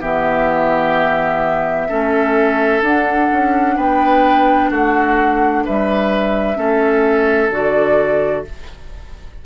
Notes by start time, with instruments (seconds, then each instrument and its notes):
0.00 bassoon E3, clarinet B3, oboe G4, flute E5
1.88 bassoon A3, clarinet C#4, oboe A4
2.81 bassoon D4, clarinet D4, flute F#5
3.32 bassoon C#4
3.76 bassoon B3, oboe B4, flute G5
4.69 bassoon A3, oboe F#4, flute F#5
5.65 bassoon G3, oboe B4, flute E5
6.55 bassoon A3, clarinet C#4, oboe A4
7.50 bassoon D3, clarinet F#4, flute D5